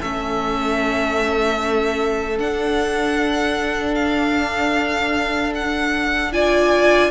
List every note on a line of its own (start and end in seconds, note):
0.00 2.39 A3
0.00 2.38 C#4
0.00 6.32 A4
0.00 2.39 E5
2.38 6.33 D4
2.38 7.12 D4
2.38 3.95 F#5
3.95 5.53 F5
5.55 6.33 F#5
6.33 7.12 F4
6.33 7.12 D5
6.33 7.12 G#5